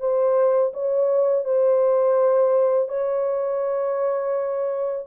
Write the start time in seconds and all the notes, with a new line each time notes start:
0.00 C5
0.73 C#5
1.45 C5
2.88 C#5